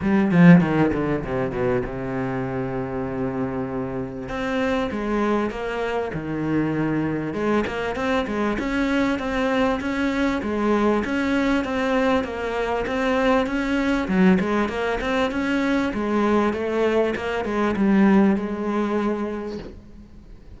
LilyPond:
\new Staff \with { instrumentName = "cello" } { \time 4/4 \tempo 4 = 98 g8 f8 dis8 d8 c8 b,8 c4~ | c2. c'4 | gis4 ais4 dis2 | gis8 ais8 c'8 gis8 cis'4 c'4 |
cis'4 gis4 cis'4 c'4 | ais4 c'4 cis'4 fis8 gis8 | ais8 c'8 cis'4 gis4 a4 | ais8 gis8 g4 gis2 | }